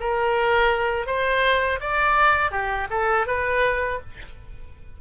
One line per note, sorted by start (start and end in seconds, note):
0.00 1.06 A#4
1.06 1.79 C5
1.80 2.51 D5
2.51 2.88 G4
2.90 3.27 A4
3.27 4.00 B4